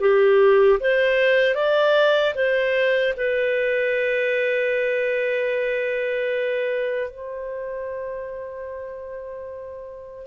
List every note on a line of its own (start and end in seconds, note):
0.00 0.79 G4
0.80 1.55 C5
1.55 2.34 D5
2.35 3.14 C5
3.17 7.11 B4
7.11 10.26 C5